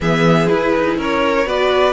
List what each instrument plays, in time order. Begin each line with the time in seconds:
0.00 cello E3, viola B3, violin G#4 E5
0.47 viola E4, cello E4, violin B4
0.76 cello D#4
0.97 cello C#4, violin A#4 C#5
1.45 cello B3, viola F#4, violin B4 D5